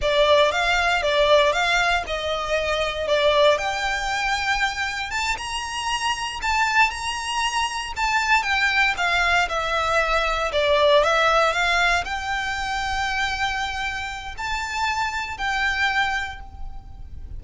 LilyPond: \new Staff \with { instrumentName = "violin" } { \time 4/4 \tempo 4 = 117 d''4 f''4 d''4 f''4 | dis''2 d''4 g''4~ | g''2 a''8 ais''4.~ | ais''8 a''4 ais''2 a''8~ |
a''8 g''4 f''4 e''4.~ | e''8 d''4 e''4 f''4 g''8~ | g''1 | a''2 g''2 | }